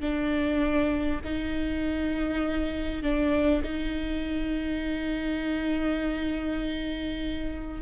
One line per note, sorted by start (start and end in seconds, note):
0.00 1.20 D4
1.24 3.02 D#4
3.02 3.62 D4
3.63 7.81 D#4